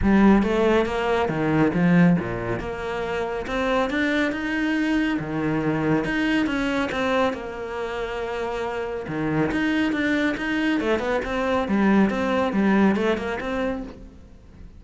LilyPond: \new Staff \with { instrumentName = "cello" } { \time 4/4 \tempo 4 = 139 g4 a4 ais4 dis4 | f4 ais,4 ais2 | c'4 d'4 dis'2 | dis2 dis'4 cis'4 |
c'4 ais2.~ | ais4 dis4 dis'4 d'4 | dis'4 a8 b8 c'4 g4 | c'4 g4 a8 ais8 c'4 | }